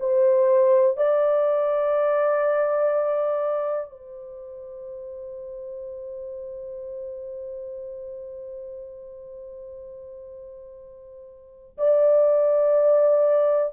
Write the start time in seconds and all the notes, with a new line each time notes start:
0.00 C5
0.97 D5
3.91 C5
11.78 D5